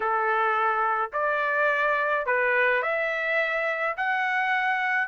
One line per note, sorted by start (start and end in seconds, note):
0.00 1.10 A4
1.12 2.25 D5
2.26 2.82 B4
2.82 3.95 E5
3.96 5.08 F#5